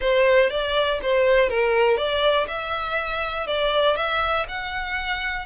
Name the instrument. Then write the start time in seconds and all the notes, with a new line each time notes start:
violin
0.00 C5
0.50 D5
1.02 C5
1.49 A#4
1.97 D5
2.47 E5
3.46 D5
3.96 E5
4.48 F#5